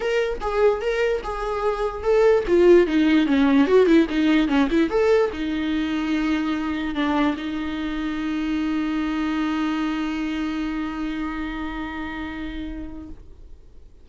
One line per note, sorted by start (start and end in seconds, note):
0.00 0.39 A#4
0.40 0.81 G#4
0.81 1.22 A#4
1.23 2.03 G#4
2.03 2.44 A4
2.47 2.86 F4
2.86 3.26 D#4
3.26 3.67 C#4
3.67 3.86 F#4
3.86 4.06 E4
4.09 4.48 D#4
4.48 4.68 C#4
4.70 4.90 E4
4.90 5.30 A4
5.32 6.94 D#4
6.94 7.35 D4
7.37 13.08 D#4